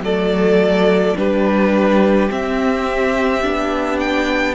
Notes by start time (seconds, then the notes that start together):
0.00 F#3 A3 A4 D5
1.16 G3 D4 G4 B4
2.29 C4 E5
3.42 B3 D4
3.99 G5